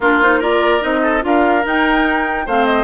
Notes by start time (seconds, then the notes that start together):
0.00 A#3 D4 F4 A#4
0.21 D#4 C5
0.39 F4 A#4 D5
0.81 C4 D#4 D#5
1.02 A4
1.21 D4 F4 A#4 F5
1.64 D#4 G5
2.45 A3 C4 C5 F5
2.65 D#5